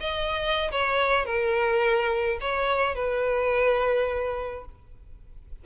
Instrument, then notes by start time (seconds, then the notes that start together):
violin
0.00 D#5
0.71 C#5
1.25 A#4
2.41 C#5
2.95 B4